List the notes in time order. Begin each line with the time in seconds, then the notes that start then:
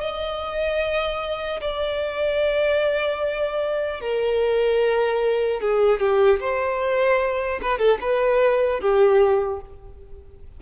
0.00 D#5
1.60 D5
4.00 A#4
5.60 G#4
5.99 G4
6.40 C5
7.61 B4
7.78 A4
8.00 B4
8.80 G4